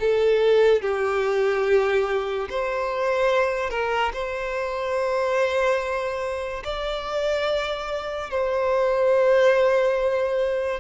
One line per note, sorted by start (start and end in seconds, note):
0.00 0.82 A4
0.82 2.49 G4
2.50 3.70 C5
3.70 4.12 A#4
4.14 6.64 C5
6.64 8.31 D5
8.31 10.80 C5